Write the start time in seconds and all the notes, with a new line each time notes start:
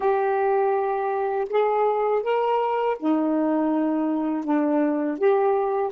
0.00 G4
1.49 G#4
2.23 A#4
2.99 D#4
4.44 D4
5.18 G4